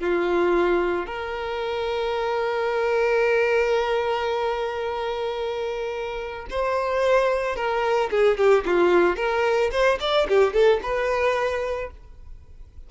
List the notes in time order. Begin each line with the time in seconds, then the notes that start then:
0.00 F4
1.07 A#4
6.51 C5
7.56 A#4
8.11 G#4
8.38 G4
8.66 F4
9.17 A#4
9.72 C5
10.00 D5
10.29 G4
10.54 A4
10.83 B4